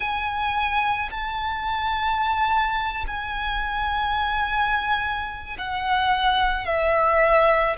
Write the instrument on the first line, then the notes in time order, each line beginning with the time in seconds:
violin
0.00 G#5
1.11 A5
3.07 G#5
5.58 F#5
6.65 E5